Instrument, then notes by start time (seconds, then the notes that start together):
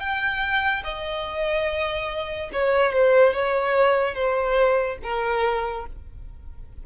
violin
0.00 G5
0.84 D#5
2.53 C#5
2.92 C5
3.34 C#5
4.14 C5
5.03 A#4